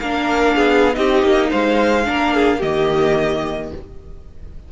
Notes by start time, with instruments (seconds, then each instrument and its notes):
0.00 cello A#3, viola D4, violin A#4 F5
0.55 cello B3, violin G#4
0.93 cello C4, viola D#4, violin G4 D#5
1.23 cello A#3
1.49 cello G#3, violin C5 F5
2.05 cello A#3, viola D4, violin A#4
2.35 violin G#4
2.58 cello D#3, viola A#3, violin G4 D#5